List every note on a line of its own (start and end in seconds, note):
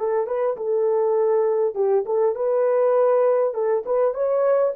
0.00 0.27 A4
0.27 0.57 B4
0.57 1.75 A4
1.75 2.05 G4
2.06 2.36 A4
2.36 3.55 B4
3.55 3.84 A4
3.86 4.14 B4
4.14 4.74 C#5